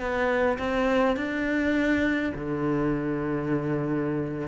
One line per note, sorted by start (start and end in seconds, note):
0.00 0.58 B3
0.59 1.17 C4
1.17 2.33 D4
2.35 4.48 D3